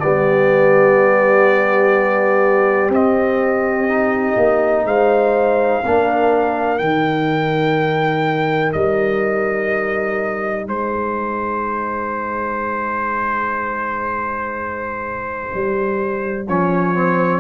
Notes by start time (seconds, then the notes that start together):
0.00 G3 B3 G4 D5
2.89 C4 D#5
3.89 D#4
4.37 A#3
4.85 G#3 C5 F5
5.84 A#3 D4 A#4
6.77 D#3 D#4 G5
8.73 G3 D#5
10.66 G#3 G#4 C5
15.55 G3
16.48 F3 C#4 C#5
16.95 C4